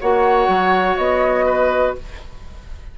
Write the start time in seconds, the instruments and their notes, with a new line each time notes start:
0.00 bassoon A#3, clarinet F#4, oboe C#5, flute F#5
0.48 bassoon F#3
0.96 bassoon B3, flute D#5
1.45 oboe B4